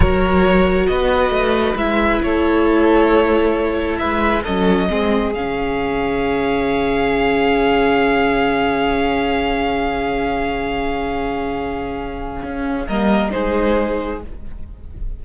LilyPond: <<
  \new Staff \with { instrumentName = "violin" } { \time 4/4 \tempo 4 = 135 cis''2 dis''2 | e''4 cis''2.~ | cis''4 e''4 dis''2 | f''1~ |
f''1~ | f''1~ | f''1~ | f''4 dis''4 c''2 | }
  \new Staff \with { instrumentName = "violin" } { \time 4/4 ais'2 b'2~ | b'4 a'2.~ | a'4 b'4 a'4 gis'4~ | gis'1~ |
gis'1~ | gis'1~ | gis'1~ | gis'4 ais'4 gis'2 | }
  \new Staff \with { instrumentName = "viola" } { \time 4/4 fis'1 | e'1~ | e'2 cis'4 c'4 | cis'1~ |
cis'1~ | cis'1~ | cis'1~ | cis'4 ais4 dis'2 | }
  \new Staff \with { instrumentName = "cello" } { \time 4/4 fis2 b4 a4 | gis4 a2.~ | a4 gis4 fis4 gis4 | cis1~ |
cis1~ | cis1~ | cis1 | cis'4 g4 gis2 | }
>>